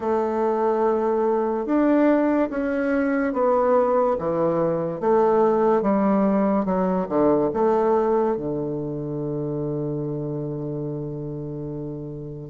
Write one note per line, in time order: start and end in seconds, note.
0.00 1.66 A3
1.66 2.49 D4
2.50 3.33 C#4
3.33 4.16 B3
4.19 5.00 E3
5.00 5.81 A3
5.81 6.65 G3
6.65 7.06 F#3
7.08 7.50 D3
7.53 8.36 A3
8.36 12.50 D3